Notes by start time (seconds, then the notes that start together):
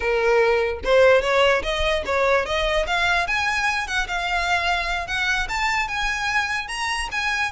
0.00 A#4
0.83 C5
1.21 C#5
1.62 D#5
2.05 C#5
2.45 D#5
2.86 F5
3.27 G#5
3.87 F#5
4.07 F5
5.07 F#5
5.48 A5
5.88 G#5
6.68 A#5
7.11 G#5